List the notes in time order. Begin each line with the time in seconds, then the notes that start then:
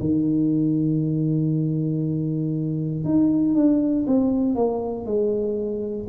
0.00 D#3
3.05 D#4
3.55 D4
4.07 C4
4.55 A#3
5.06 G#3